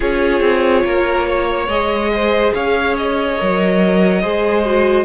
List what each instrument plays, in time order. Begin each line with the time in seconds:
0.00 cello C#4, viola F4, violin G#4 C#5
0.40 cello C4
0.85 cello A#3, violin A#4
1.27 violin C#5
1.67 cello G#3, viola G#4, violin D#5
2.13 violin C5
2.54 cello C#4, violin C#5 F5
2.97 violin D#5
3.37 cello F#3, viola A#4
4.21 cello G#3, viola G#4, violin C5
4.65 viola F#4